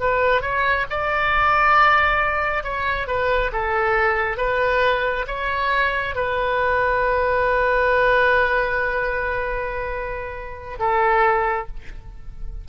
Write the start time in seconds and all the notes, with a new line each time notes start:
0.00 B4
0.41 C#5
0.90 D5
2.64 C#5
3.07 B4
3.52 A4
4.37 B4
5.27 C#5
6.15 B4
10.79 A4